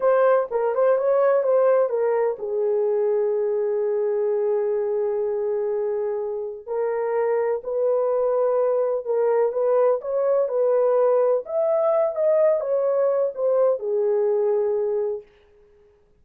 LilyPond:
\new Staff \with { instrumentName = "horn" } { \time 4/4 \tempo 4 = 126 c''4 ais'8 c''8 cis''4 c''4 | ais'4 gis'2.~ | gis'1~ | gis'2 ais'2 |
b'2. ais'4 | b'4 cis''4 b'2 | e''4. dis''4 cis''4. | c''4 gis'2. | }